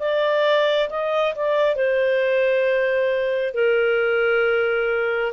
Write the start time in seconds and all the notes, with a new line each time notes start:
0.00 D5
0.90 D#5
1.36 D5
1.76 C5
3.55 A#4